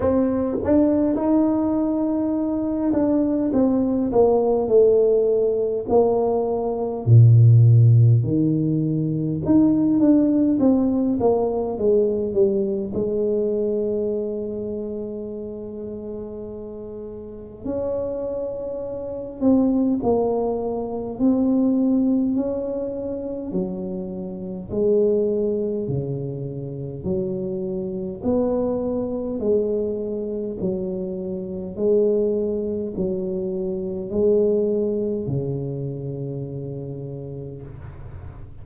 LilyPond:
\new Staff \with { instrumentName = "tuba" } { \time 4/4 \tempo 4 = 51 c'8 d'8 dis'4. d'8 c'8 ais8 | a4 ais4 ais,4 dis4 | dis'8 d'8 c'8 ais8 gis8 g8 gis4~ | gis2. cis'4~ |
cis'8 c'8 ais4 c'4 cis'4 | fis4 gis4 cis4 fis4 | b4 gis4 fis4 gis4 | fis4 gis4 cis2 | }